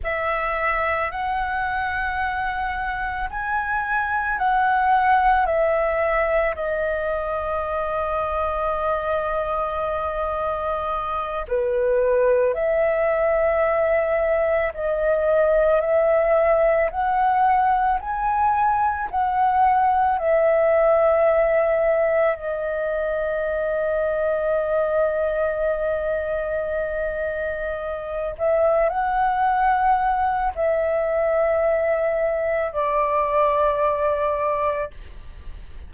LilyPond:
\new Staff \with { instrumentName = "flute" } { \time 4/4 \tempo 4 = 55 e''4 fis''2 gis''4 | fis''4 e''4 dis''2~ | dis''2~ dis''8 b'4 e''8~ | e''4. dis''4 e''4 fis''8~ |
fis''8 gis''4 fis''4 e''4.~ | e''8 dis''2.~ dis''8~ | dis''2 e''8 fis''4. | e''2 d''2 | }